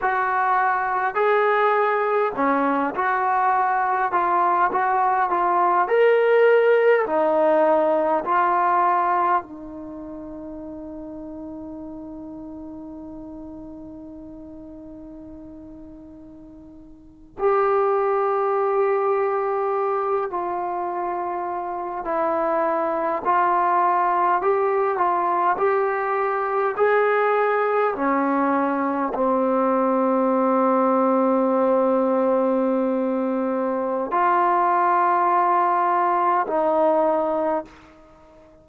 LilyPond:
\new Staff \with { instrumentName = "trombone" } { \time 4/4 \tempo 4 = 51 fis'4 gis'4 cis'8 fis'4 f'8 | fis'8 f'8 ais'4 dis'4 f'4 | dis'1~ | dis'2~ dis'8. g'4~ g'16~ |
g'4~ g'16 f'4. e'4 f'16~ | f'8. g'8 f'8 g'4 gis'4 cis'16~ | cis'8. c'2.~ c'16~ | c'4 f'2 dis'4 | }